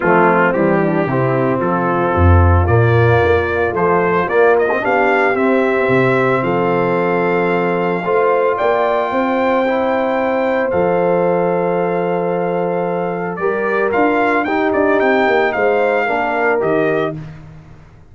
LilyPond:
<<
  \new Staff \with { instrumentName = "trumpet" } { \time 4/4 \tempo 4 = 112 f'4 g'2 a'4~ | a'4 d''2 c''4 | d''8 dis''8 f''4 e''2 | f''1 |
g''1 | f''1~ | f''4 d''4 f''4 g''8 d''8 | g''4 f''2 dis''4 | }
  \new Staff \with { instrumentName = "horn" } { \time 4/4 c'4. d'8 e'4 f'4~ | f'1~ | f'4 g'2. | a'2. c''4 |
d''4 c''2.~ | c''1~ | c''4 ais'2 g'4~ | g'4 c''4 ais'2 | }
  \new Staff \with { instrumentName = "trombone" } { \time 4/4 a4 g4 c'2~ | c'4 ais2 f4 | ais8. c'16 d'4 c'2~ | c'2. f'4~ |
f'2 e'2 | a'1~ | a'4 g'4 f'4 dis'4~ | dis'2 d'4 g'4 | }
  \new Staff \with { instrumentName = "tuba" } { \time 4/4 f4 e4 c4 f4 | f,4 ais,4 ais4 a4 | ais4 b4 c'4 c4 | f2. a4 |
ais4 c'2. | f1~ | f4 g4 d'4 dis'8 d'8 | c'8 ais8 gis4 ais4 dis4 | }
>>